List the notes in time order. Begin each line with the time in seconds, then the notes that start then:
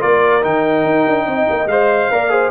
0.00 A#3 F4 A#4 D5
0.42 D#3 D#4 G5
0.85 D#4
1.07 D4
1.27 C4 D#5
1.50 A#3
1.67 G#3 C5 F5
2.11 A#3 A#4 D5
2.30 G#4 C5